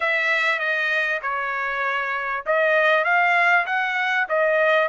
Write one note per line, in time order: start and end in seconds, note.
0.00 0.59 E5
0.59 1.20 D#5
1.21 2.44 C#5
2.46 3.04 D#5
3.04 3.65 F5
3.66 4.27 F#5
4.29 4.88 D#5